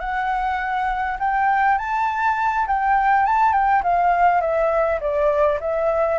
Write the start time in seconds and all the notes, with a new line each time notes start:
0.00 F#5
1.20 G5
1.78 A5
2.67 G5
3.26 A5
3.53 G5
3.83 F5
4.41 E5
5.01 D5
5.60 E5